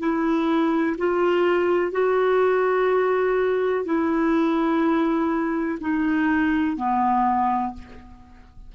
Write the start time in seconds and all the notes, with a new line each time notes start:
0.00 E4
0.98 F4
1.92 F#4
3.85 E4
5.81 D#4
6.77 B3